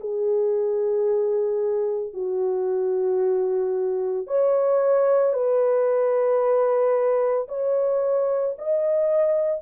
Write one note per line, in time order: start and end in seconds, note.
0.00 2.13 G#4
2.13 4.27 F#4
4.27 5.33 C#5
5.33 7.47 B4
7.48 8.55 C#5
8.58 9.62 D#5